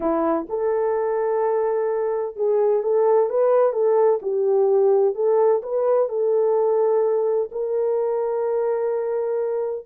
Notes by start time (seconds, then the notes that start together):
0.00 E4
0.49 A4
2.36 G#4
2.83 A4
3.29 B4
3.72 A4
4.21 G4
5.14 A4
5.62 B4
6.09 A4
7.51 A#4